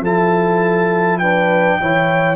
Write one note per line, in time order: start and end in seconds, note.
0.00 1.76 F3
0.00 1.22 E4
0.00 1.20 A4
0.00 1.18 A5
1.18 1.80 D4
1.18 1.79 B4
1.18 2.36 G5
1.80 2.36 E3
1.80 2.36 E4
1.80 2.36 C#5